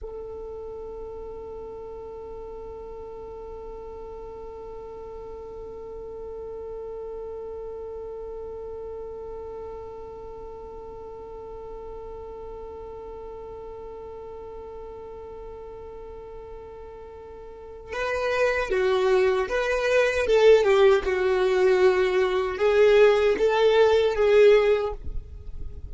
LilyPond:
\new Staff \with { instrumentName = "violin" } { \time 4/4 \tempo 4 = 77 a'1~ | a'1~ | a'1~ | a'1~ |
a'1~ | a'2. b'4 | fis'4 b'4 a'8 g'8 fis'4~ | fis'4 gis'4 a'4 gis'4 | }